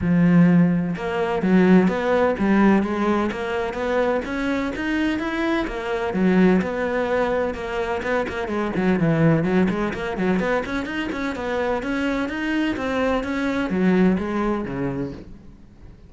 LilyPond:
\new Staff \with { instrumentName = "cello" } { \time 4/4 \tempo 4 = 127 f2 ais4 fis4 | b4 g4 gis4 ais4 | b4 cis'4 dis'4 e'4 | ais4 fis4 b2 |
ais4 b8 ais8 gis8 fis8 e4 | fis8 gis8 ais8 fis8 b8 cis'8 dis'8 cis'8 | b4 cis'4 dis'4 c'4 | cis'4 fis4 gis4 cis4 | }